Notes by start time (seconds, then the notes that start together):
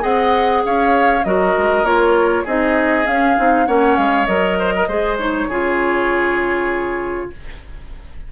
0.00 C4 G#4 D#5 F#5
0.65 C#4 C#5 F5
1.24 F#3 F#4 A#4 D#5
1.57 G#3
1.83 A#3 F4 C#5
2.44 C4 D#4 G#4 D#5
3.05 C#4 F5
3.37 C4 D#4
3.66 A#3 C#4 C#5 F#5
3.96 G#3 F5
4.26 F#3 A#4 D#5
4.58 C5
4.75 A#4
4.87 G#3 G#4 C5
5.18 D#4 C#5
5.48 C#3 F4 G#4